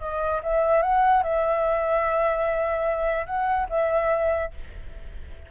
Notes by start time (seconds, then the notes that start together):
0.00 D#5
0.43 E5
0.82 F#5
1.23 E5
3.26 F#5
3.69 E5